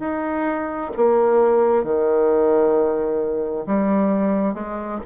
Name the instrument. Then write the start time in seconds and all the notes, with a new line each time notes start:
bassoon
0.00 D#4
0.97 A#3
1.84 D#3
3.66 G3
4.54 G#3